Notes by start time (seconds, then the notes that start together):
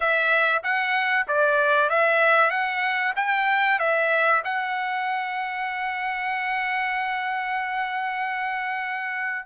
0.00 E5
0.63 F#5
1.27 D5
1.89 E5
2.50 F#5
3.16 G5
3.79 E5
4.44 F#5